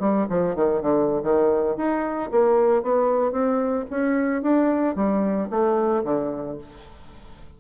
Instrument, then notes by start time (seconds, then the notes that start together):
bassoon
0.00 G3
0.29 F3
0.56 D#3
0.82 D3
1.23 D#3
1.77 D#4
2.31 A#3
2.83 B3
3.32 C4
3.90 C#4
4.42 D4
4.96 G3
5.50 A3
6.04 D3